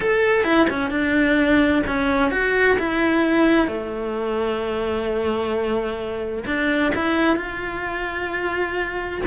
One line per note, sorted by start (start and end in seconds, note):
0.00 0.44 A4
0.44 0.67 E4
0.69 0.90 C#4
0.90 1.82 D4
1.87 2.31 C#4
2.31 2.77 F#4
2.79 3.67 E4
3.67 6.44 A3
6.46 6.92 D4
6.95 7.36 E4
7.36 9.21 F4